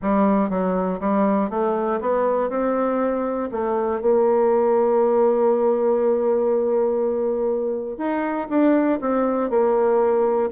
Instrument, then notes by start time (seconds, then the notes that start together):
bassoon
0.02 G3
0.49 F#3
1.00 G3
1.50 A3
2.00 B3
2.49 C4
3.51 A3
4.01 A#3
7.97 D#4
8.49 D4
9.00 C4
9.50 A#3